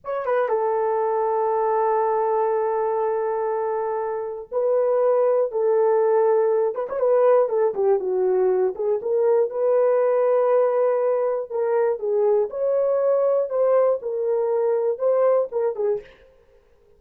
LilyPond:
\new Staff \with { instrumentName = "horn" } { \time 4/4 \tempo 4 = 120 cis''8 b'8 a'2.~ | a'1~ | a'4 b'2 a'4~ | a'4. b'16 cis''16 b'4 a'8 g'8 |
fis'4. gis'8 ais'4 b'4~ | b'2. ais'4 | gis'4 cis''2 c''4 | ais'2 c''4 ais'8 gis'8 | }